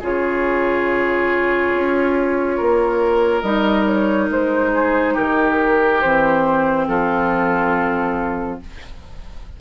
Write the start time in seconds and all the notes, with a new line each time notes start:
0.00 C#3 F4 G#4 C#5
1.74 C#4
2.57 A#3 A#4
3.42 G3 D#4 D#5
3.85 C#5
4.30 G#3 C5
4.74 G#4
5.14 D#3 G4 A#4
6.01 E3 C4 C5
6.88 F3 F4 A4